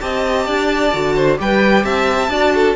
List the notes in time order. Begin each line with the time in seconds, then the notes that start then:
0.00 C4 G4 D#5 A5
0.46 D4 D5
0.92 D3 F#4
1.15 C5
1.37 G3 G4 B4 G5
1.84 C4 E5 A5
2.29 D4 F#4 D5
2.55 A4